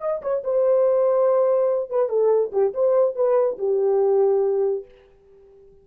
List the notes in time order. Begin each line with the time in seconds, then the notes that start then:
0.00 D#5
0.22 C#5
0.43 C5
1.90 B4
2.09 A4
2.52 G4
2.74 C5
3.15 B4
3.58 G4